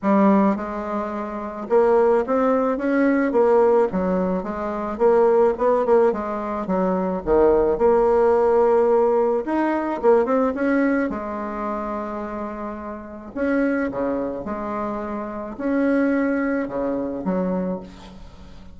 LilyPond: \new Staff \with { instrumentName = "bassoon" } { \time 4/4 \tempo 4 = 108 g4 gis2 ais4 | c'4 cis'4 ais4 fis4 | gis4 ais4 b8 ais8 gis4 | fis4 dis4 ais2~ |
ais4 dis'4 ais8 c'8 cis'4 | gis1 | cis'4 cis4 gis2 | cis'2 cis4 fis4 | }